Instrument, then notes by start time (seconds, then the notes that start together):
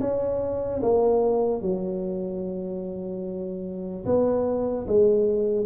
tuba
0.00 C#4
0.82 A#3
1.62 F#3
4.05 B3
4.88 G#3